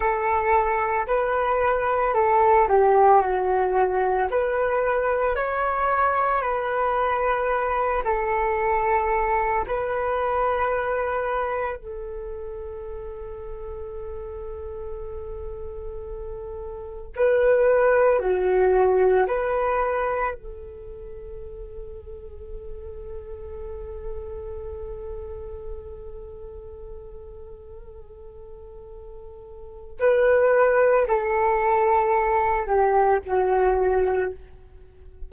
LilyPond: \new Staff \with { instrumentName = "flute" } { \time 4/4 \tempo 4 = 56 a'4 b'4 a'8 g'8 fis'4 | b'4 cis''4 b'4. a'8~ | a'4 b'2 a'4~ | a'1 |
b'4 fis'4 b'4 a'4~ | a'1~ | a'1 | b'4 a'4. g'8 fis'4 | }